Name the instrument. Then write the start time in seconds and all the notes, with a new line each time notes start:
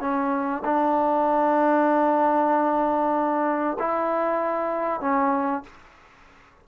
trombone
0.00 C#4
0.64 D4
3.78 E4
5.00 C#4